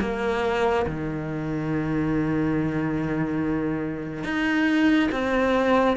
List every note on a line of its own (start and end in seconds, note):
0.00 0.86 A#3
0.86 4.24 D#3
4.24 5.10 D#4
5.12 5.96 C4